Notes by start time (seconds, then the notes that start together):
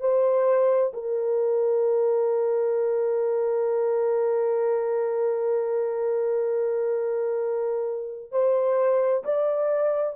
0.00 C5
0.93 A#4
8.31 C5
9.24 D5